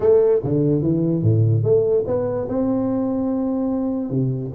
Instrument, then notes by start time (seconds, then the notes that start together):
tuba
0.00 A3
0.43 D3
0.82 E3
1.22 A2
1.63 A3
2.06 B3
2.48 C4
4.10 C3